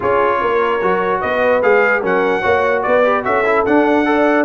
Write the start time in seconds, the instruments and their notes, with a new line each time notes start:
0.00 tuba C#4, trombone F4, horn G#4, trumpet C#5
0.40 tuba A#3, horn A#4
0.81 tuba F#3, trombone F#4
1.21 tuba B3, horn B4, trumpet D#5
1.62 tuba G#3, trombone G#4, trumpet F5
2.01 tuba F#3, trombone C#4, horn A#4, trumpet F#5
2.41 tuba A#3, trombone F#4, horn C#5
2.82 tuba B3, horn B4, trumpet D5
3.03 trombone G4
3.23 tuba C#4, trombone F#4, horn A4, trumpet E5
3.45 trombone E4
3.65 trombone D4, tuba D4, trumpet F#5
4.05 trombone A4, horn D5